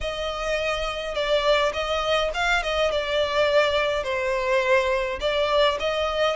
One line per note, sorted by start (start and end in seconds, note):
0.01 1.14 D#5
1.14 1.72 D5
1.73 2.31 D#5
2.34 2.62 F5
2.62 2.91 D#5
2.91 4.03 D5
4.03 5.19 C5
5.20 5.78 D5
5.79 6.36 D#5